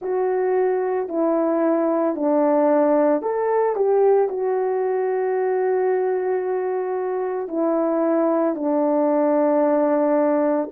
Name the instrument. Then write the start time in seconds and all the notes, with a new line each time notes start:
horn
0.01 F#4
1.08 E4
2.15 D4
3.21 A4
3.75 G4
4.29 F#4
7.48 E4
8.55 D4